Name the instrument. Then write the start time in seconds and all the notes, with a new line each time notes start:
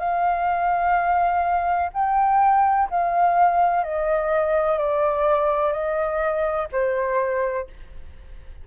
flute
0.00 F5
1.94 G5
2.90 F5
3.84 D#5
4.79 D5
5.73 D#5
6.72 C5